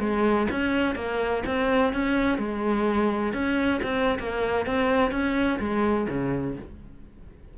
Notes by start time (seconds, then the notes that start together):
0.00 G#3
0.52 C#4
0.96 A#3
1.47 C4
1.94 C#4
2.39 G#3
3.34 C#4
3.83 C4
4.20 A#3
4.66 C4
5.12 C#4
5.60 G#3
6.09 C#3